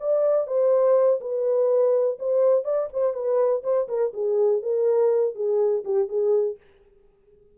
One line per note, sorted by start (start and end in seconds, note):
0.00 0.47 D5
0.47 1.20 C5
1.21 2.18 B4
2.19 2.64 C5
2.64 2.89 D5
2.93 3.14 C5
3.14 3.62 B4
3.63 3.88 C5
3.88 4.13 A#4
4.13 4.62 G#4
4.62 5.35 A#4
5.35 5.84 G#4
5.84 6.08 G4
6.08 6.57 G#4